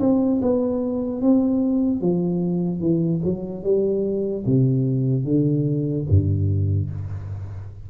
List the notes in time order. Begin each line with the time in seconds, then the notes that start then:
0.00 C4
0.42 B3
1.22 C4
2.01 F3
2.80 E3
3.24 F#3
3.64 G3
4.46 C3
5.24 D3
6.09 G2